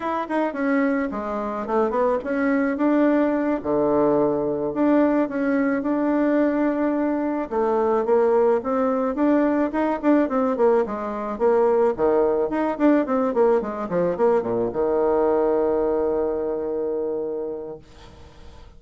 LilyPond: \new Staff \with { instrumentName = "bassoon" } { \time 4/4 \tempo 4 = 108 e'8 dis'8 cis'4 gis4 a8 b8 | cis'4 d'4. d4.~ | d8 d'4 cis'4 d'4.~ | d'4. a4 ais4 c'8~ |
c'8 d'4 dis'8 d'8 c'8 ais8 gis8~ | gis8 ais4 dis4 dis'8 d'8 c'8 | ais8 gis8 f8 ais8 ais,8 dis4.~ | dis1 | }